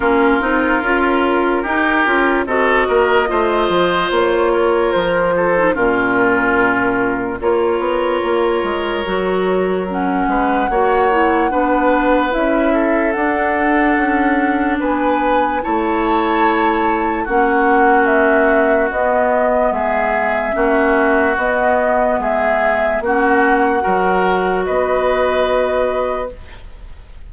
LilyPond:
<<
  \new Staff \with { instrumentName = "flute" } { \time 4/4 \tempo 4 = 73 ais'2. dis''4~ | dis''4 cis''4 c''4 ais'4~ | ais'4 cis''2. | fis''2. e''4 |
fis''2 gis''4 a''4~ | a''4 fis''4 e''4 dis''4 | e''2 dis''4 e''4 | fis''2 dis''2 | }
  \new Staff \with { instrumentName = "oboe" } { \time 4/4 f'2 g'4 a'8 ais'8 | c''4. ais'4 a'8 f'4~ | f'4 ais'2.~ | ais'8 b'8 cis''4 b'4. a'8~ |
a'2 b'4 cis''4~ | cis''4 fis'2. | gis'4 fis'2 gis'4 | fis'4 ais'4 b'2 | }
  \new Staff \with { instrumentName = "clarinet" } { \time 4/4 cis'8 dis'8 f'4 dis'8 f'8 fis'4 | f'2~ f'8. dis'16 cis'4~ | cis'4 f'2 fis'4 | cis'4 fis'8 e'8 d'4 e'4 |
d'2. e'4~ | e'4 cis'2 b4~ | b4 cis'4 b2 | cis'4 fis'2. | }
  \new Staff \with { instrumentName = "bassoon" } { \time 4/4 ais8 c'8 cis'4 dis'8 cis'8 c'8 ais8 | a8 f8 ais4 f4 ais,4~ | ais,4 ais8 b8 ais8 gis8 fis4~ | fis8 gis8 ais4 b4 cis'4 |
d'4 cis'4 b4 a4~ | a4 ais2 b4 | gis4 ais4 b4 gis4 | ais4 fis4 b2 | }
>>